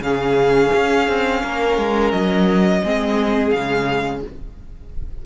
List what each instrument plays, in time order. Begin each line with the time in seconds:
0.00 cello C#3, viola C#4, violin G#4 F5
0.74 cello C#4
1.08 cello C4
1.42 cello A#3, violin A#4
1.77 cello G#3
2.11 cello F#3, violin D#5
2.82 cello G#3, viola C4, violin G#4
3.50 cello C#3, viola G#3, violin F5